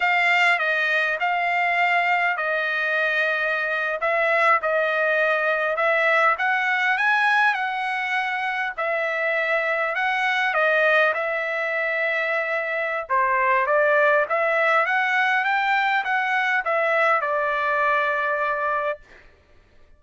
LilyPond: \new Staff \with { instrumentName = "trumpet" } { \time 4/4 \tempo 4 = 101 f''4 dis''4 f''2 | dis''2~ dis''8. e''4 dis''16~ | dis''4.~ dis''16 e''4 fis''4 gis''16~ | gis''8. fis''2 e''4~ e''16~ |
e''8. fis''4 dis''4 e''4~ e''16~ | e''2 c''4 d''4 | e''4 fis''4 g''4 fis''4 | e''4 d''2. | }